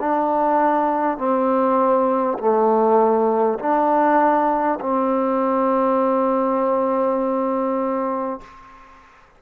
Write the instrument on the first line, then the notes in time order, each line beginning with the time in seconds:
trombone
0.00 D4
1.18 C4
2.38 A3
3.59 D4
4.81 C4